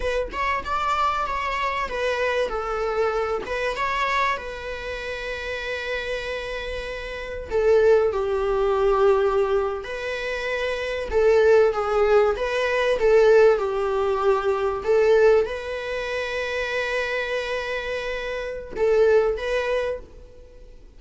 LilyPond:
\new Staff \with { instrumentName = "viola" } { \time 4/4 \tempo 4 = 96 b'8 cis''8 d''4 cis''4 b'4 | a'4. b'8 cis''4 b'4~ | b'1 | a'4 g'2~ g'8. b'16~ |
b'4.~ b'16 a'4 gis'4 b'16~ | b'8. a'4 g'2 a'16~ | a'8. b'2.~ b'16~ | b'2 a'4 b'4 | }